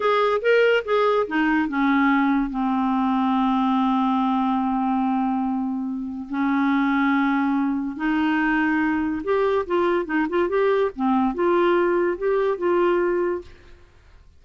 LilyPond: \new Staff \with { instrumentName = "clarinet" } { \time 4/4 \tempo 4 = 143 gis'4 ais'4 gis'4 dis'4 | cis'2 c'2~ | c'1~ | c'2. cis'4~ |
cis'2. dis'4~ | dis'2 g'4 f'4 | dis'8 f'8 g'4 c'4 f'4~ | f'4 g'4 f'2 | }